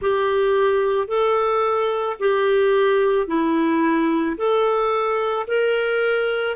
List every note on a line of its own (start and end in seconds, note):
0.01 1.07 G4
1.07 2.16 A4
2.19 3.27 G4
3.27 4.36 E4
4.37 5.46 A4
5.47 6.56 A#4